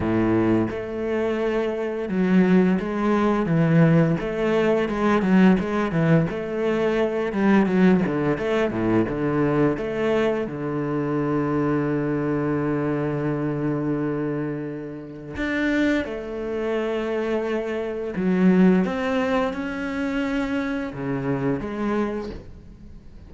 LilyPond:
\new Staff \with { instrumentName = "cello" } { \time 4/4 \tempo 4 = 86 a,4 a2 fis4 | gis4 e4 a4 gis8 fis8 | gis8 e8 a4. g8 fis8 d8 | a8 a,8 d4 a4 d4~ |
d1~ | d2 d'4 a4~ | a2 fis4 c'4 | cis'2 cis4 gis4 | }